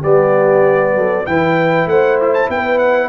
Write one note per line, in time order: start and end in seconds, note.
0.00 0.95 G3
0.00 1.26 B3
0.00 0.93 G4
0.00 1.26 D5
0.95 1.26 F#3
0.95 1.28 A4
1.26 1.86 E3
1.26 3.09 E4
1.26 1.89 B4
1.26 1.88 G5
1.86 2.48 A3
1.86 2.51 C5
1.86 2.19 F#5
2.22 2.34 E4
2.34 2.50 A5
2.49 3.09 B3
2.49 3.09 B4
2.49 2.79 G5
2.79 3.09 F#5